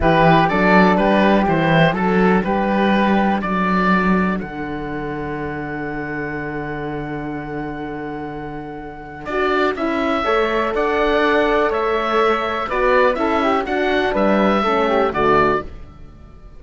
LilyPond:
<<
  \new Staff \with { instrumentName = "oboe" } { \time 4/4 \tempo 4 = 123 b'4 d''4 b'4 c''4 | a'4 b'2 d''4~ | d''4 fis''2.~ | fis''1~ |
fis''2. d''4 | e''2 fis''2 | e''2 d''4 e''4 | fis''4 e''2 d''4 | }
  \new Staff \with { instrumentName = "flute" } { \time 4/4 g'4 a'4 g'2 | a'4 g'2 a'4~ | a'1~ | a'1~ |
a'1~ | a'4 cis''4 d''2 | cis''2 b'4 a'8 g'8 | fis'4 b'4 a'8 g'8 fis'4 | }
  \new Staff \with { instrumentName = "horn" } { \time 4/4 e'4 d'2 e'4 | d'1~ | d'1~ | d'1~ |
d'2. fis'4 | e'4 a'2.~ | a'2 fis'4 e'4 | d'2 cis'4 a4 | }
  \new Staff \with { instrumentName = "cello" } { \time 4/4 e4 fis4 g4 e4 | fis4 g2 fis4~ | fis4 d2.~ | d1~ |
d2. d'4 | cis'4 a4 d'2 | a2 b4 cis'4 | d'4 g4 a4 d4 | }
>>